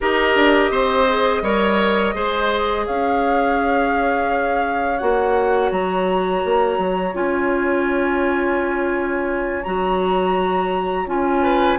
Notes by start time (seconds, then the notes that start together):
0.00 D#4 G4 A#4 D#5
0.35 D4
0.70 C4 C5
1.08 G#4
1.42 G3 A#4 C#5
2.14 G#3 G#4 C5
2.85 C#4 C#5 F5
4.98 A#3 F#4 F#5
5.71 F#3 A#5
6.44 A#3
6.78 F#3
7.13 C#4 F4 G#5
9.63 F#3 F#4 A#5
11.06 C#4 F4 G#5
11.42 B4